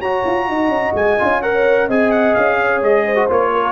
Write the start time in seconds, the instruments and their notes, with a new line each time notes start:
0.00 tuba F#4, trombone F#4, horn C#5, trumpet A#5
0.26 tuba F4
0.49 tuba D#4, horn D#5
0.68 tuba C#4
0.94 tuba G#3, trumpet G#5
1.19 tuba C#4, trombone F4
1.43 trombone A#4, horn C#5, trumpet F#5
1.88 tuba C4, trombone G#4, horn D#5, trumpet G#5
2.12 trumpet F#5
2.35 tuba C#4, trumpet F5
2.61 horn C#5
2.82 tuba G#3, trumpet D#5
3.05 horn C5
3.16 trombone F#4
3.29 tuba A#3, trombone F4, trumpet C#5
3.52 horn A#4